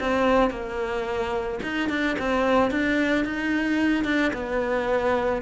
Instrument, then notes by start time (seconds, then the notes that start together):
cello
0.00 C4
0.50 A#3
1.63 D#4
1.89 D4
2.19 C4
2.71 D4
3.25 D#4
4.05 D4
4.33 B3